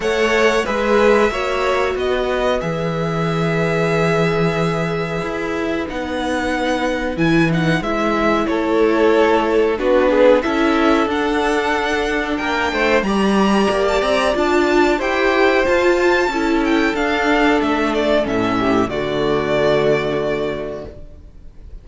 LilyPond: <<
  \new Staff \with { instrumentName = "violin" } { \time 4/4 \tempo 4 = 92 fis''4 e''2 dis''4 | e''1~ | e''4 fis''2 gis''8 fis''8 | e''4 cis''2 b'4 |
e''4 fis''2 g''4 | ais''4~ ais''16 a''16 ais''8 a''4 g''4 | a''4. g''8 f''4 e''8 d''8 | e''4 d''2. | }
  \new Staff \with { instrumentName = "violin" } { \time 4/4 cis''4 b'4 cis''4 b'4~ | b'1~ | b'1~ | b'4 a'2 fis'8 gis'8 |
a'2. ais'8 c''8 | d''2. c''4~ | c''4 a'2.~ | a'8 g'8 fis'2. | }
  \new Staff \with { instrumentName = "viola" } { \time 4/4 a'4 gis'4 fis'2 | gis'1~ | gis'4 dis'2 e'8 dis'8 | e'2. d'4 |
e'4 d'2. | g'2 f'4 g'4 | f'4 e'4 d'2 | cis'4 a2. | }
  \new Staff \with { instrumentName = "cello" } { \time 4/4 a4 gis4 ais4 b4 | e1 | e'4 b2 e4 | gis4 a2 b4 |
cis'4 d'2 ais8 a8 | g4 ais8 c'8 d'4 e'4 | f'4 cis'4 d'4 a4 | a,4 d2. | }
>>